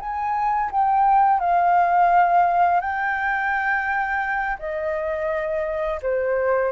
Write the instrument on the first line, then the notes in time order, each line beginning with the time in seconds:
flute
0.00 G#5
0.72 G5
1.40 F5
2.81 G5
4.59 D#5
6.02 C5